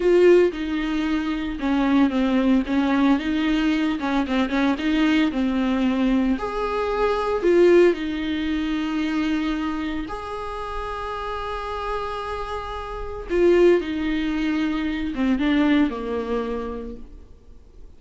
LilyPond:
\new Staff \with { instrumentName = "viola" } { \time 4/4 \tempo 4 = 113 f'4 dis'2 cis'4 | c'4 cis'4 dis'4. cis'8 | c'8 cis'8 dis'4 c'2 | gis'2 f'4 dis'4~ |
dis'2. gis'4~ | gis'1~ | gis'4 f'4 dis'2~ | dis'8 c'8 d'4 ais2 | }